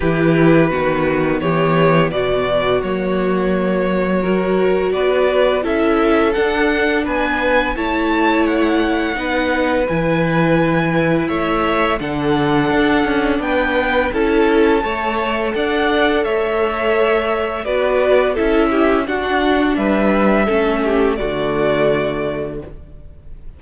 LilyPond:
<<
  \new Staff \with { instrumentName = "violin" } { \time 4/4 \tempo 4 = 85 b'2 cis''4 d''4 | cis''2. d''4 | e''4 fis''4 gis''4 a''4 | fis''2 gis''2 |
e''4 fis''2 g''4 | a''2 fis''4 e''4~ | e''4 d''4 e''4 fis''4 | e''2 d''2 | }
  \new Staff \with { instrumentName = "violin" } { \time 4/4 g'4 fis'4 g'4 fis'4~ | fis'2 ais'4 b'4 | a'2 b'4 cis''4~ | cis''4 b'2. |
cis''4 a'2 b'4 | a'4 cis''4 d''4 cis''4~ | cis''4 b'4 a'8 g'8 fis'4 | b'4 a'8 g'8 fis'2 | }
  \new Staff \with { instrumentName = "viola" } { \time 4/4 e'4 b2. | ais2 fis'2 | e'4 d'2 e'4~ | e'4 dis'4 e'2~ |
e'4 d'2. | e'4 a'2.~ | a'4 fis'4 e'4 d'4~ | d'4 cis'4 a2 | }
  \new Staff \with { instrumentName = "cello" } { \time 4/4 e4 dis4 e4 b,4 | fis2. b4 | cis'4 d'4 b4 a4~ | a4 b4 e2 |
a4 d4 d'8 cis'8 b4 | cis'4 a4 d'4 a4~ | a4 b4 cis'4 d'4 | g4 a4 d2 | }
>>